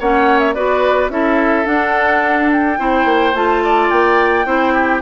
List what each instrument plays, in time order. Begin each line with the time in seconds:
0.00 bassoon A#3, clarinet C#4, oboe C#5, flute F#5
0.39 flute E5
0.53 bassoon B3, clarinet F#4, oboe B4, flute D5
1.09 bassoon C#4, clarinet E4, oboe A4, flute E5
1.65 clarinet D4, bassoon D4, flute F#5
2.52 flute G5
2.78 bassoon C4, clarinet E4, oboe C5
3.05 bassoon A#3
3.34 bassoon A3, clarinet F4, flute A5
3.64 oboe D5
3.90 bassoon A#3, flute G5
4.45 bassoon C4, clarinet E4, oboe C5
4.73 oboe G4